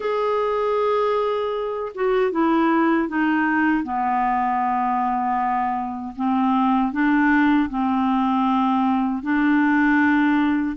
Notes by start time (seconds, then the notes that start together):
0.00 G#4
1.94 F#4
2.31 E4
3.08 D#4
3.83 B3
6.15 C4
6.92 D4
7.69 C4
9.22 D4